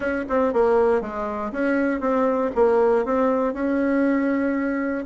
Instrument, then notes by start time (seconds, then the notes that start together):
bassoon
0.00 C#4
0.29 C4
0.53 A#3
1.01 G#3
1.52 C#4
2.00 C4
2.55 A#3
3.05 C4
3.53 C#4